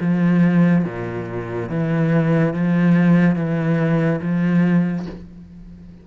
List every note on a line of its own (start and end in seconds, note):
0.00 0.84 F3
0.84 1.69 A#2
1.69 2.53 E3
2.53 3.35 F3
3.35 4.20 E3
4.21 5.06 F3